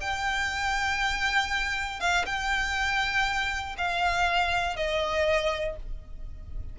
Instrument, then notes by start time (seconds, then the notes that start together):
violin
0.00 G5
2.00 F5
2.25 G5
3.77 F5
4.76 D#5